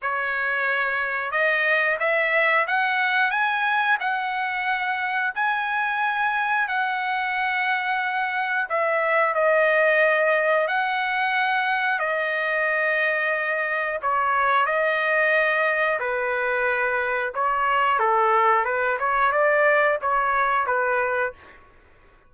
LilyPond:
\new Staff \with { instrumentName = "trumpet" } { \time 4/4 \tempo 4 = 90 cis''2 dis''4 e''4 | fis''4 gis''4 fis''2 | gis''2 fis''2~ | fis''4 e''4 dis''2 |
fis''2 dis''2~ | dis''4 cis''4 dis''2 | b'2 cis''4 a'4 | b'8 cis''8 d''4 cis''4 b'4 | }